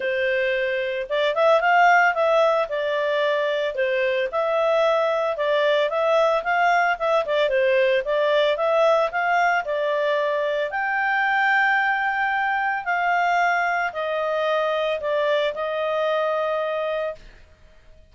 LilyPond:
\new Staff \with { instrumentName = "clarinet" } { \time 4/4 \tempo 4 = 112 c''2 d''8 e''8 f''4 | e''4 d''2 c''4 | e''2 d''4 e''4 | f''4 e''8 d''8 c''4 d''4 |
e''4 f''4 d''2 | g''1 | f''2 dis''2 | d''4 dis''2. | }